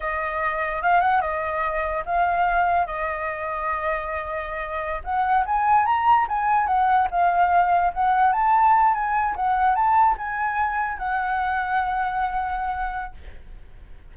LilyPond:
\new Staff \with { instrumentName = "flute" } { \time 4/4 \tempo 4 = 146 dis''2 f''8 fis''8 dis''4~ | dis''4 f''2 dis''4~ | dis''1~ | dis''16 fis''4 gis''4 ais''4 gis''8.~ |
gis''16 fis''4 f''2 fis''8.~ | fis''16 a''4. gis''4 fis''4 a''16~ | a''8. gis''2 fis''4~ fis''16~ | fis''1 | }